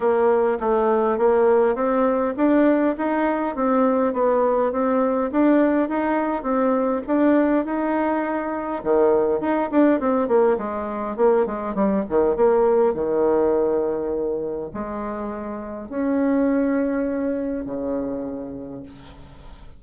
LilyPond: \new Staff \with { instrumentName = "bassoon" } { \time 4/4 \tempo 4 = 102 ais4 a4 ais4 c'4 | d'4 dis'4 c'4 b4 | c'4 d'4 dis'4 c'4 | d'4 dis'2 dis4 |
dis'8 d'8 c'8 ais8 gis4 ais8 gis8 | g8 dis8 ais4 dis2~ | dis4 gis2 cis'4~ | cis'2 cis2 | }